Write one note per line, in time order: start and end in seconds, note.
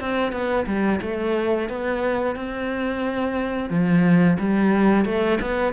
0.00 0.32 C4
0.32 0.66 B3
0.66 1.00 G3
1.01 1.69 A3
1.69 2.36 B3
2.36 3.70 C4
3.70 4.37 F3
4.39 5.05 G3
5.05 5.39 A3
5.41 5.73 B3